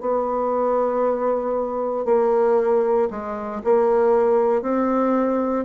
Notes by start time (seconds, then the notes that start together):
0.00 B3
2.05 A#3
3.10 G#3
3.64 A#3
4.62 C4